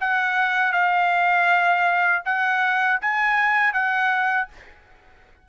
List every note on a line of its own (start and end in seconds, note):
0.00 0.72 F#5
0.72 2.22 F5
2.25 3.00 F#5
3.01 3.73 G#5
3.73 4.48 F#5